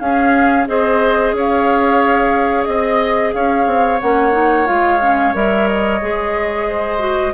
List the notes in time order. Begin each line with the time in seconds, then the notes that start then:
0.00 C#4 G#4 F5
0.67 C4 G#4 C5 D#5
1.33 C#4 C#5
1.39 F5
2.65 C4 D#5
3.34 C#4 C#5 F5
3.67 C4
4.01 A#3 C#4 F#5
4.32 D#4
4.66 G#3 F4 F5
5.01 C#4
5.35 G3 A#4 E5
5.68 D#5
6.02 G#3 G#4
6.68 C5
6.99 F#4